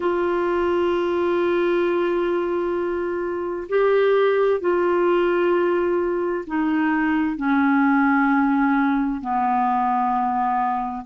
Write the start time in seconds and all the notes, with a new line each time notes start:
0.00 F4
3.68 G4
4.60 F4
6.47 D#4
7.36 C#4
9.21 B3